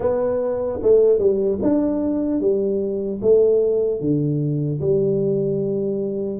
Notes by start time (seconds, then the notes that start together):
0.00 B3
0.82 A3
1.19 G3
1.62 D4
2.40 G3
3.21 A3
4.00 D3
4.80 G3